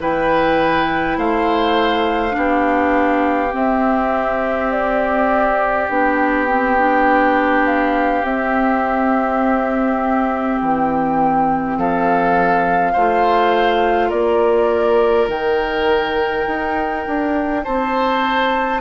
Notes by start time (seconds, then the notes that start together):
0.00 E3 E4 B4 G5
1.17 A3 C5 F5
2.31 B3 D4
2.37 G4
3.53 C4 E5
4.72 D5
5.89 B3 D4 G5
6.48 C4
6.78 D4
7.66 F5
8.23 C4 E5
10.61 E3 G5
11.78 F3 A4 F5
12.93 A3 F4 C5
14.09 A#3 A#4 D5
15.28 D#3 D#4 G5
16.47 D#4
17.07 D4
17.64 C4 C5 A5